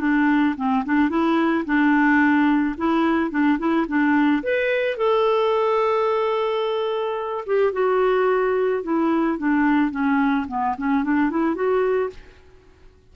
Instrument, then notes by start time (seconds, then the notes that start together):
clarinet
0.00 D4
0.57 C4
0.85 D4
1.09 E4
1.65 D4
2.77 E4
3.30 D4
3.58 E4
3.87 D4
4.43 B4
4.96 A4
7.46 G4
7.72 F#4
8.83 E4
9.38 D4
9.91 C#4
10.48 B3
10.77 C#4
11.03 D4
11.30 E4
11.54 F#4